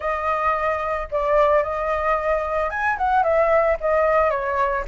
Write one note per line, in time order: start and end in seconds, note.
0.00 1.08 D#5
1.11 1.63 D5
1.63 2.70 D#5
2.70 2.97 G#5
2.97 3.23 F#5
3.23 3.77 E5
3.80 4.30 D#5
4.30 4.84 C#5